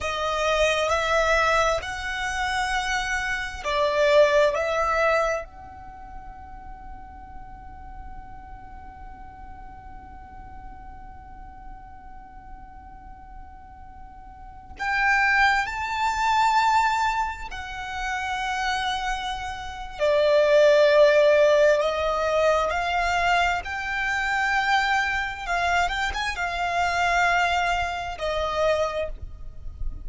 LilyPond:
\new Staff \with { instrumentName = "violin" } { \time 4/4 \tempo 4 = 66 dis''4 e''4 fis''2 | d''4 e''4 fis''2~ | fis''1~ | fis''1~ |
fis''16 g''4 a''2 fis''8.~ | fis''2 d''2 | dis''4 f''4 g''2 | f''8 g''16 gis''16 f''2 dis''4 | }